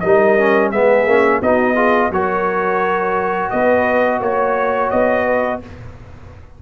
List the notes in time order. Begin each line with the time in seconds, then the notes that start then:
0.00 G3 D#4 A#4 D#5
0.38 C#4
0.71 G#3 B3 G#4 E5
1.06 A#3 C#4
1.42 B3 D#4 F#4 D#5
1.75 F4 G#4
2.11 F#3 F#4 A#4 C#5
3.50 B3 B4 D#5
4.21 A#3 C#5
4.91 B3 D#5
5.25 B4